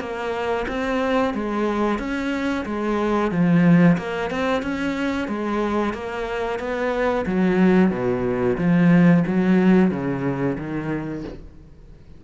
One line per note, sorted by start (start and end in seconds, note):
0.00 0.66 A#3
0.68 1.34 C4
1.34 1.99 G#3
1.99 2.65 C#4
2.66 3.31 G#3
3.31 3.97 F3
3.98 4.30 A#3
4.30 4.62 C4
4.62 5.28 C#4
5.28 5.94 G#3
5.94 6.59 A#3
6.59 7.25 B3
7.26 7.91 F#3
7.91 8.57 B2
8.58 9.24 F3
9.27 9.91 F#3
9.91 10.57 C#3
10.58 11.24 D#3